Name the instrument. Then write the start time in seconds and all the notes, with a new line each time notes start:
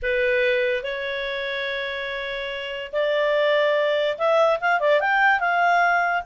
clarinet
0.02 B4
0.83 C#5
2.92 D5
4.18 E5
4.60 F5
4.80 D5
5.00 G5
5.40 F5